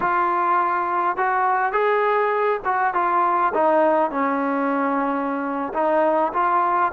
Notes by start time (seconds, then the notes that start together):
0.00 F4
1.16 F#4
1.72 G#4
2.64 F#4
2.94 F4
3.54 D#4
4.10 C#4
5.73 D#4
6.33 F4